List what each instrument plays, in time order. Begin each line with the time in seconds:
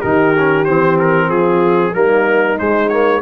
0.00 tuba D#3, trombone D#4, horn G4, trumpet A#4
0.38 trombone C#4
0.65 tuba E3, trombone C4, trumpet C5
0.99 trumpet A#4
1.28 tuba F3, horn F4, trumpet G#4
1.94 tuba G3, trombone A#3, horn D#4, trumpet A#4
2.58 trombone G#3, tuba G#3, trumpet C5
2.89 trombone A#3, trumpet C#5